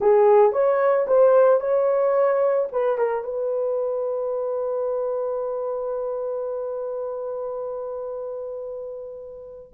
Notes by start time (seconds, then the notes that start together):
0.00 G#4
0.52 C#5
1.07 C5
1.60 C#5
2.72 B4
2.97 A#4
3.24 B4